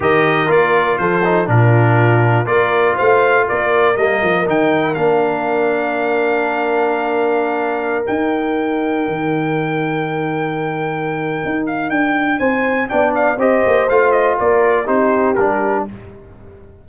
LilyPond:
<<
  \new Staff \with { instrumentName = "trumpet" } { \time 4/4 \tempo 4 = 121 dis''4 d''4 c''4 ais'4~ | ais'4 d''4 f''4 d''4 | dis''4 g''4 f''2~ | f''1~ |
f''16 g''2.~ g''8.~ | g''2.~ g''8 f''8 | g''4 gis''4 g''8 f''8 dis''4 | f''8 dis''8 d''4 c''4 ais'4 | }
  \new Staff \with { instrumentName = "horn" } { \time 4/4 ais'2 a'4 f'4~ | f'4 ais'4 c''4 ais'4~ | ais'1~ | ais'1~ |
ais'1~ | ais'1~ | ais'4 c''4 d''4 c''4~ | c''4 ais'4 g'2 | }
  \new Staff \with { instrumentName = "trombone" } { \time 4/4 g'4 f'4. dis'8 d'4~ | d'4 f'2. | ais4 dis'4 d'2~ | d'1~ |
d'16 dis'2.~ dis'8.~ | dis'1~ | dis'2 d'4 g'4 | f'2 dis'4 d'4 | }
  \new Staff \with { instrumentName = "tuba" } { \time 4/4 dis4 ais4 f4 ais,4~ | ais,4 ais4 a4 ais4 | g8 f8 dis4 ais2~ | ais1~ |
ais16 dis'2 dis4.~ dis16~ | dis2. dis'4 | d'4 c'4 b4 c'8 ais8 | a4 ais4 c'4 g4 | }
>>